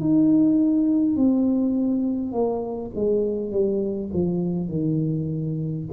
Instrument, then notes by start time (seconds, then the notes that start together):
tuba
0.00 D#4
1.16 C4
2.32 A#3
2.95 G#3
3.51 G3
4.13 F3
4.68 D#3